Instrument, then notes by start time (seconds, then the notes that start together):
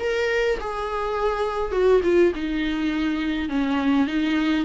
viola
0.00 A#4
0.60 G#4
1.72 F#4
2.03 F4
2.35 D#4
3.49 C#4
4.07 D#4